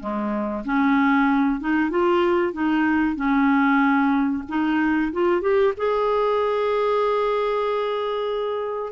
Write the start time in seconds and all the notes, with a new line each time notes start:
0.00 G#3
0.65 C#4
1.60 D#4
1.90 F4
2.53 D#4
3.16 C#4
4.49 D#4
5.13 F4
5.41 G4
5.77 G#4